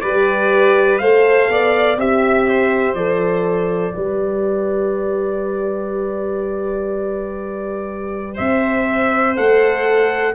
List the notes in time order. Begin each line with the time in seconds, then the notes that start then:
0.00 G3 G4 B4 D5
0.98 A3 A4 C5 F5
1.48 B3 D5
1.96 C4 G4 E5
2.48 C5
2.94 F3 A4 D5
3.93 G3 G4 B4
8.34 C4 C5 E5
9.35 A3 A4 F#5